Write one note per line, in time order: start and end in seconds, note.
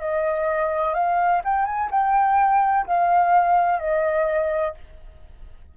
0.00 0.94 D#5
0.94 1.42 F5
1.45 1.65 G5
1.65 1.89 G#5
1.91 2.86 G5
2.87 3.79 F5
3.79 4.74 D#5